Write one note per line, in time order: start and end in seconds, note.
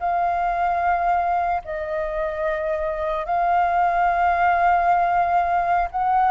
0.00 1.62 F5
1.65 3.26 D#5
3.26 5.89 F5
5.91 6.32 F#5